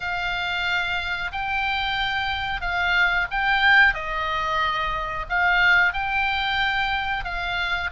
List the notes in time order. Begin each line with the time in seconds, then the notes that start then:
0.00 F5
1.32 G5
2.61 F5
3.30 G5
3.94 D#5
5.29 F5
5.93 G5
7.24 F5